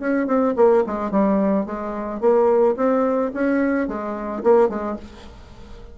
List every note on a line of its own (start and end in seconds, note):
0.00 0.28 C#4
0.28 0.55 C4
0.57 0.85 A#3
0.87 1.12 G#3
1.12 1.66 G3
1.66 2.21 G#3
2.21 2.76 A#3
2.77 3.32 C4
3.34 3.89 C#4
3.89 4.44 G#3
4.44 4.69 A#3
4.69 4.97 G#3